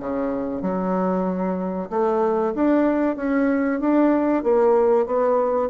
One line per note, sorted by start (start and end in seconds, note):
0.00 0.62 C#3
0.62 1.89 F#3
1.90 2.54 A3
2.55 3.17 D4
3.17 3.80 C#4
3.80 4.44 D4
4.44 5.06 A#3
5.06 5.70 B3